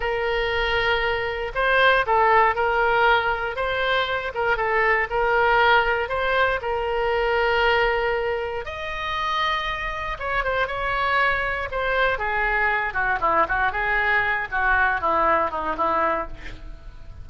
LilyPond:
\new Staff \with { instrumentName = "oboe" } { \time 4/4 \tempo 4 = 118 ais'2. c''4 | a'4 ais'2 c''4~ | c''8 ais'8 a'4 ais'2 | c''4 ais'2.~ |
ais'4 dis''2. | cis''8 c''8 cis''2 c''4 | gis'4. fis'8 e'8 fis'8 gis'4~ | gis'8 fis'4 e'4 dis'8 e'4 | }